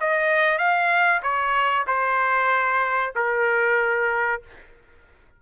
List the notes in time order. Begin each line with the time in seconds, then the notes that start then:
0.00 D#5
0.58 F5
1.22 C#5
1.87 C5
3.15 A#4